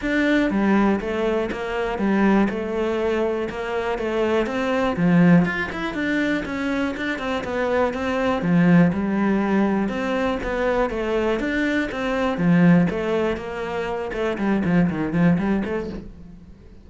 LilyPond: \new Staff \with { instrumentName = "cello" } { \time 4/4 \tempo 4 = 121 d'4 g4 a4 ais4 | g4 a2 ais4 | a4 c'4 f4 f'8 e'8 | d'4 cis'4 d'8 c'8 b4 |
c'4 f4 g2 | c'4 b4 a4 d'4 | c'4 f4 a4 ais4~ | ais8 a8 g8 f8 dis8 f8 g8 a8 | }